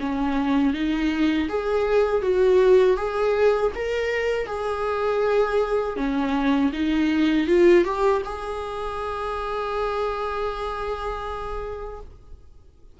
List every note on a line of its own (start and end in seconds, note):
0.00 0.73 C#4
0.73 1.48 D#4
1.49 2.22 G#4
2.22 2.97 F#4
2.97 3.72 G#4
3.75 4.46 A#4
4.46 5.96 G#4
5.96 6.71 C#4
6.73 7.47 D#4
7.47 7.84 F4
7.84 8.22 G4
8.25 12.00 G#4